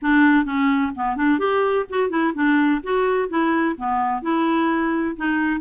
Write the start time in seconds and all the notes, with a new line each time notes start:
0.01 D4
0.45 C#4
0.95 B3
1.16 D4
1.38 G4
1.89 F#4
2.09 E4
2.34 D4
2.83 F#4
3.28 E4
3.77 B3
4.22 E4
5.16 D#4